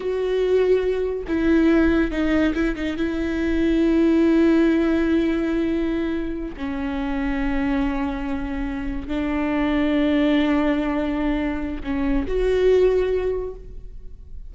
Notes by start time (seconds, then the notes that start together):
0.00 F#4
1.27 E4
2.11 D#4
2.54 E4
2.75 D#4
2.96 E4
6.56 C#4
9.07 D4
11.83 C#4
12.27 F#4